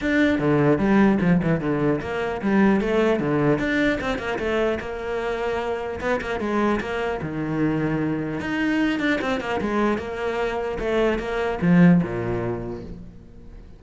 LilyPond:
\new Staff \with { instrumentName = "cello" } { \time 4/4 \tempo 4 = 150 d'4 d4 g4 f8 e8 | d4 ais4 g4 a4 | d4 d'4 c'8 ais8 a4 | ais2. b8 ais8 |
gis4 ais4 dis2~ | dis4 dis'4. d'8 c'8 ais8 | gis4 ais2 a4 | ais4 f4 ais,2 | }